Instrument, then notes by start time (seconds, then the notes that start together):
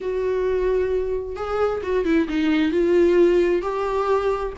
viola
0.01 F#4
1.36 G#4
1.82 F#4
2.04 E4
2.28 D#4
2.71 F4
3.62 G4